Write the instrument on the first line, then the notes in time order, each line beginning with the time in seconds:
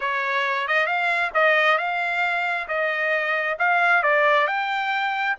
trumpet
0.00 C#5
0.67 D#5
0.86 F5
1.34 D#5
1.78 F5
2.68 D#5
3.59 F5
4.02 D5
4.47 G5